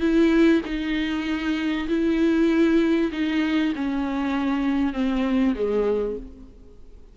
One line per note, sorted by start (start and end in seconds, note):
0.00 0.61 E4
0.65 1.88 D#4
1.88 3.11 E4
3.12 3.73 D#4
3.75 4.93 C#4
4.93 5.55 C4
5.55 6.17 G#3